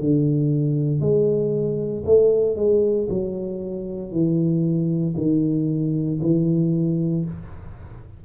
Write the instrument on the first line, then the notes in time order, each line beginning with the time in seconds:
tuba
0.00 D3
1.00 G#3
2.05 A3
2.56 G#3
3.09 F#3
4.11 E3
5.17 D#3
6.22 E3